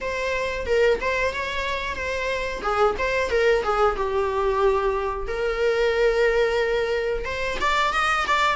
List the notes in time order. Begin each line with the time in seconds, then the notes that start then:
0.00 C5
0.66 A#4
1.00 C5
1.33 C#5
1.95 C5
2.62 G#4
2.98 C5
3.30 A#4
3.63 G#4
3.96 G4
5.27 A#4
7.24 C5
7.60 D5
7.93 D#5
8.27 D5